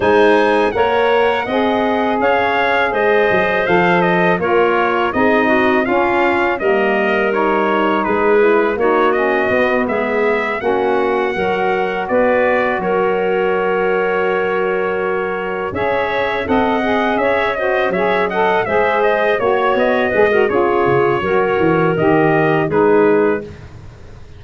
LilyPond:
<<
  \new Staff \with { instrumentName = "trumpet" } { \time 4/4 \tempo 4 = 82 gis''4 fis''2 f''4 | dis''4 f''8 dis''8 cis''4 dis''4 | f''4 dis''4 cis''4 b'4 | cis''8 dis''4 e''4 fis''4.~ |
fis''8 d''4 cis''2~ cis''8~ | cis''4. e''4 fis''4 e''8 | dis''8 e''8 fis''8 e''8 dis''8 cis''8 dis''4 | cis''2 dis''4 b'4 | }
  \new Staff \with { instrumentName = "clarinet" } { \time 4/4 c''4 cis''4 dis''4 cis''4 | c''2 ais'4 gis'8 fis'8 | f'4 ais'2 gis'4 | fis'4. gis'4 fis'4 ais'8~ |
ais'8 b'4 ais'2~ ais'8~ | ais'4. cis''4 dis''4 cis''8 | c''8 cis''8 dis''8 c''4 cis''4 b'16 ais'16 | gis'4 ais'2 gis'4 | }
  \new Staff \with { instrumentName = "saxophone" } { \time 4/4 dis'4 ais'4 gis'2~ | gis'4 a'4 f'4 dis'4 | cis'4 ais4 dis'4. e'8 | dis'8 cis'8 b4. cis'4 fis'8~ |
fis'1~ | fis'4. gis'4 a'8 gis'4 | fis'8 gis'8 a'8 gis'4 fis'4 gis'16 fis'16 | f'4 fis'4 g'4 dis'4 | }
  \new Staff \with { instrumentName = "tuba" } { \time 4/4 gis4 ais4 c'4 cis'4 | gis8 fis8 f4 ais4 c'4 | cis'4 g2 gis4 | ais4 b8 gis4 ais4 fis8~ |
fis8 b4 fis2~ fis8~ | fis4. cis'4 c'4 cis'8~ | cis'8 fis4 gis4 ais8 b8 gis8 | cis'8 cis8 fis8 e8 dis4 gis4 | }
>>